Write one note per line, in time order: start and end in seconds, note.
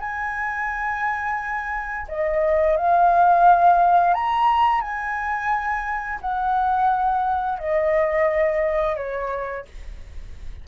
0.00 2.07 G#5
2.09 2.77 D#5
2.77 4.14 F5
4.14 4.81 A#5
4.81 6.19 G#5
6.22 7.59 F#5
7.59 8.97 D#5
8.97 9.66 C#5